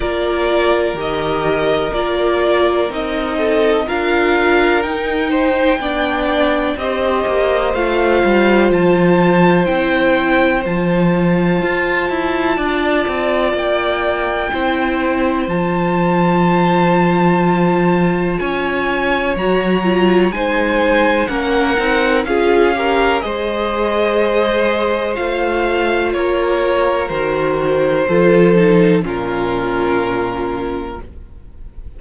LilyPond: <<
  \new Staff \with { instrumentName = "violin" } { \time 4/4 \tempo 4 = 62 d''4 dis''4 d''4 dis''4 | f''4 g''2 dis''4 | f''4 a''4 g''4 a''4~ | a''2 g''2 |
a''2. gis''4 | ais''4 gis''4 fis''4 f''4 | dis''2 f''4 cis''4 | c''2 ais'2 | }
  \new Staff \with { instrumentName = "violin" } { \time 4/4 ais'2.~ ais'8 a'8 | ais'4. c''8 d''4 c''4~ | c''1~ | c''4 d''2 c''4~ |
c''2. cis''4~ | cis''4 c''4 ais'4 gis'8 ais'8 | c''2. ais'4~ | ais'4 a'4 f'2 | }
  \new Staff \with { instrumentName = "viola" } { \time 4/4 f'4 g'4 f'4 dis'4 | f'4 dis'4 d'4 g'4 | f'2 e'4 f'4~ | f'2. e'4 |
f'1 | fis'8 f'8 dis'4 cis'8 dis'8 f'8 g'8 | gis'2 f'2 | fis'4 f'8 dis'8 cis'2 | }
  \new Staff \with { instrumentName = "cello" } { \time 4/4 ais4 dis4 ais4 c'4 | d'4 dis'4 b4 c'8 ais8 | a8 g8 f4 c'4 f4 | f'8 e'8 d'8 c'8 ais4 c'4 |
f2. cis'4 | fis4 gis4 ais8 c'8 cis'4 | gis2 a4 ais4 | dis4 f4 ais,2 | }
>>